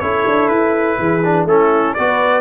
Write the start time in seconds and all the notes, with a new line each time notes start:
0.00 C#4 E4 A4 C#5
0.27 D4
0.48 E4 B4
0.99 E3 G#4
1.24 D4
1.45 A3 C#4 E4 A4
1.94 B3 F#4 B4 D5